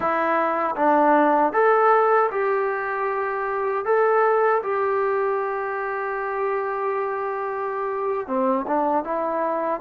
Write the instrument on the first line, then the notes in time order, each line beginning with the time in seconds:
trombone
0.00 E4
0.76 D4
1.52 A4
2.31 G4
3.85 A4
4.63 G4
8.27 C4
8.67 D4
9.04 E4